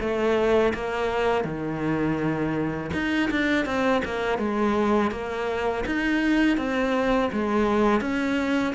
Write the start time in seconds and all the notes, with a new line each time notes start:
0.00 A3
0.74 A#3
1.44 D#3
2.93 D#4
3.31 D4
3.66 C4
4.05 A#3
4.38 G#3
5.11 A#3
5.86 D#4
6.57 C4
7.32 G#3
8.01 C#4